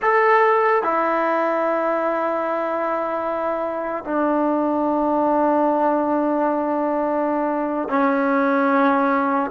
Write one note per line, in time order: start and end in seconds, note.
0.01 0.83 A4
0.83 4.04 E4
4.04 7.88 D4
7.88 9.50 C#4